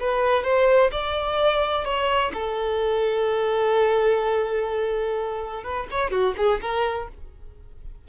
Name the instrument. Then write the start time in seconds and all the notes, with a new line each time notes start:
violin
0.00 B4
0.44 C5
0.91 D5
1.85 C#5
2.34 A4
5.64 B4
5.91 C#5
6.11 F#4
6.37 G#4
6.61 A#4